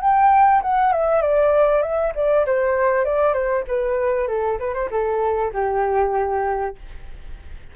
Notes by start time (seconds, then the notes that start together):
0.00 G5
0.62 F#5
0.92 E5
1.21 D5
1.82 E5
2.15 D5
2.46 C5
3.04 D5
3.33 C5
3.67 B4
4.27 A4
4.59 B4
4.74 C5
4.90 A4
5.53 G4